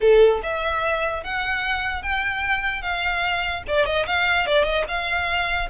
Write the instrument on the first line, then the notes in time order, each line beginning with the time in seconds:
violin
0.00 A4
0.43 E5
1.23 F#5
2.02 G5
2.82 F5
3.67 D5
3.85 D#5
4.06 F5
4.46 D5
4.64 D#5
4.87 F5